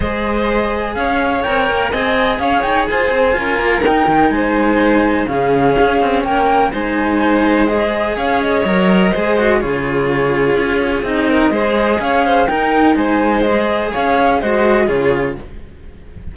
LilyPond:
<<
  \new Staff \with { instrumentName = "flute" } { \time 4/4 \tempo 4 = 125 dis''2 f''4 g''4 | gis''4 f''8 g''8 gis''2 | g''4 gis''2 f''4~ | f''4 g''4 gis''2 |
dis''4 f''8 dis''2~ dis''8 | cis''2. dis''4~ | dis''4 f''4 g''4 gis''4 | dis''4 f''4 dis''4 cis''4 | }
  \new Staff \with { instrumentName = "violin" } { \time 4/4 c''2 cis''2 | dis''4 cis''4 c''4 ais'4~ | ais'4 c''2 gis'4~ | gis'4 ais'4 c''2~ |
c''4 cis''2 c''4 | gis'2.~ gis'8 ais'8 | c''4 cis''8 c''8 ais'4 c''4~ | c''4 cis''4 c''4 gis'4 | }
  \new Staff \with { instrumentName = "cello" } { \time 4/4 gis'2. ais'4 | gis'2. f'4 | dis'2. cis'4~ | cis'2 dis'2 |
gis'2 ais'4 gis'8 fis'8 | f'2. dis'4 | gis'2 dis'2 | gis'2 fis'4 f'4 | }
  \new Staff \with { instrumentName = "cello" } { \time 4/4 gis2 cis'4 c'8 ais8 | c'4 cis'8 dis'8 f'8 c'8 cis'8 ais8 | dis'8 dis8 gis2 cis4 | cis'8 c'8 ais4 gis2~ |
gis4 cis'4 fis4 gis4 | cis2 cis'4 c'4 | gis4 cis'4 dis'4 gis4~ | gis4 cis'4 gis4 cis4 | }
>>